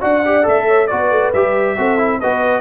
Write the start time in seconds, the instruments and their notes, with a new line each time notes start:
0.00 tuba D4, trombone F#4, horn D5, trumpet F#5
0.25 trombone G4
0.42 tuba A3, trombone A4, trumpet E5
0.67 horn C#5
0.87 tuba B3, trombone F#4, horn B4, trumpet D5
1.11 tuba A3
1.33 tuba G3, trombone G4, trumpet E5
1.76 tuba C4, trombone F#4, horn A4
1.98 trombone E4
2.19 tuba B3, trombone F#4, horn B4, trumpet D#5